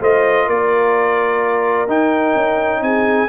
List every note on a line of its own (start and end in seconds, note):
0.00 0.47 A3
0.00 1.88 F4
0.00 0.46 C5
0.00 0.49 D#5
0.46 1.87 A#3
0.46 2.81 A#4
0.46 1.89 D5
1.87 2.34 D#4
1.87 3.28 D#4
1.87 2.83 G5
2.35 2.81 C#4
2.81 3.28 C4
2.81 3.28 G#4
2.81 3.28 G#5